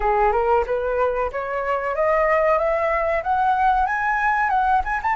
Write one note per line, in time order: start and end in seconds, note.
0.00 0.32 G#4
0.32 0.64 A#4
0.66 1.30 B4
1.31 1.95 C#5
1.95 2.58 D#5
2.58 3.23 E5
3.23 3.86 F#5
3.86 4.49 G#5
4.49 4.81 F#5
4.84 5.00 G#5
5.02 5.15 A5